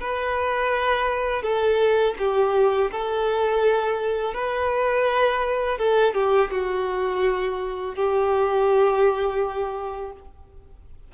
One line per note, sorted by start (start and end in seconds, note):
0.00 1.42 B4
1.42 2.14 A4
2.18 2.90 G4
2.91 4.34 A4
4.34 5.78 B4
5.78 6.14 A4
6.14 6.50 G4
6.50 7.95 F#4
7.95 10.12 G4